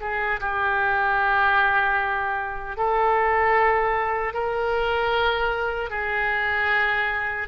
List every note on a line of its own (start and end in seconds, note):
0.00 0.39 G#4
0.40 2.76 G4
2.76 4.33 A4
4.33 5.90 A#4
5.90 7.47 G#4